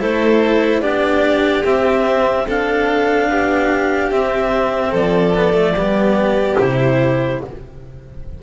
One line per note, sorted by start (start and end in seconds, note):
0.00 0.82 A3
0.00 0.82 E4
0.00 0.82 A4
0.00 0.82 C5
0.82 1.64 B3
0.82 1.64 D4
0.82 2.46 G4
0.82 1.64 D5
1.64 2.47 C4
1.64 3.29 C4
1.64 2.48 E5
2.47 4.11 D4
2.47 3.30 A4
2.47 4.11 F5
3.29 4.10 B3
3.29 4.91 G4
4.10 4.93 C4
4.10 5.35 C4
4.10 4.93 E5
4.91 5.74 F3
4.91 5.73 A4
4.91 6.59 D5
5.35 5.53 B3
5.53 5.74 A3
5.74 6.57 G3
5.74 6.59 B3
5.74 7.40 G4
6.59 7.42 C3
6.59 7.41 E4
6.59 7.41 C5